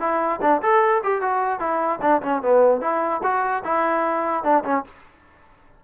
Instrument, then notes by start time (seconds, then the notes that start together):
trombone
0.00 E4
0.42 D4
0.62 A4
1.04 G4
1.22 F#4
1.60 E4
2.02 D4
2.22 C#4
2.42 B3
2.81 E4
3.23 F#4
3.64 E4
4.44 D4
4.64 C#4